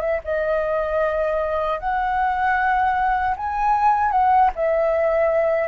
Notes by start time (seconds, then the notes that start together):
0.00 E5
0.24 D#5
1.79 F#5
3.36 G#5
4.11 F#5
4.55 E5